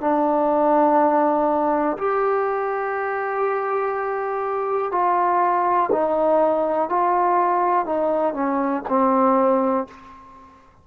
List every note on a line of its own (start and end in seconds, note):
0.00 1.97 D4
1.97 4.91 G4
4.91 5.90 F4
5.92 6.89 D#4
6.89 7.86 F4
7.86 8.33 D#4
8.33 8.83 C#4
8.88 9.87 C4